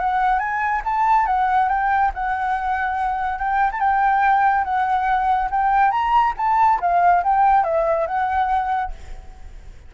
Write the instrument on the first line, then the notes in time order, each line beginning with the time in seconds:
flute
0.00 F#5
0.39 G#5
0.85 A5
1.27 F#5
1.69 G5
2.15 F#5
3.39 G5
3.72 A5
3.80 G5
4.65 F#5
5.51 G5
5.91 A#5
6.37 A5
6.81 F5
7.24 G5
7.64 E5
8.07 F#5